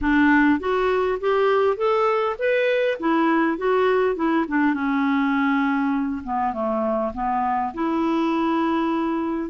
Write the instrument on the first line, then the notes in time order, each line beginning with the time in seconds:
clarinet
0.01 D4
0.59 F#4
1.20 G4
1.76 A4
2.38 B4
2.99 E4
3.57 F#4
4.15 E4
4.48 D4
4.74 C#4
6.23 B3
6.53 A3
7.13 B3
7.74 E4